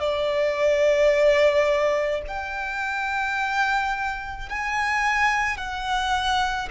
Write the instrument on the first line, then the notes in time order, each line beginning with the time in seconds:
violin
0.00 D5
2.28 G5
4.49 G#5
5.58 F#5